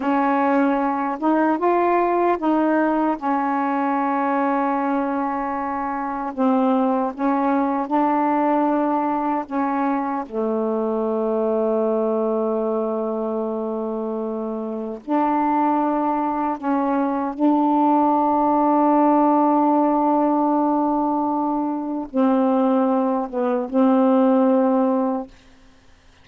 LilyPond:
\new Staff \with { instrumentName = "saxophone" } { \time 4/4 \tempo 4 = 76 cis'4. dis'8 f'4 dis'4 | cis'1 | c'4 cis'4 d'2 | cis'4 a2.~ |
a2. d'4~ | d'4 cis'4 d'2~ | d'1 | c'4. b8 c'2 | }